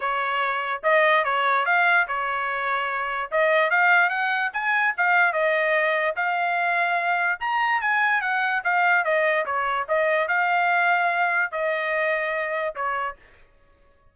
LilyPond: \new Staff \with { instrumentName = "trumpet" } { \time 4/4 \tempo 4 = 146 cis''2 dis''4 cis''4 | f''4 cis''2. | dis''4 f''4 fis''4 gis''4 | f''4 dis''2 f''4~ |
f''2 ais''4 gis''4 | fis''4 f''4 dis''4 cis''4 | dis''4 f''2. | dis''2. cis''4 | }